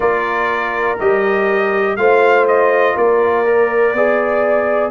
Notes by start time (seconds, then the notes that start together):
0.00 A#3 F4 A#4 D5
0.99 G3 G4 D#5
1.96 A3 F4 C5 F5
2.47 D#5
2.95 A#3 A#4 D5
3.45 A#4
3.93 B3 G#4 D5